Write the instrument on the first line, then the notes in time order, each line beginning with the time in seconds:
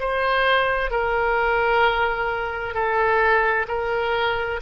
oboe
0.00 C5
0.91 A#4
2.74 A4
3.68 A#4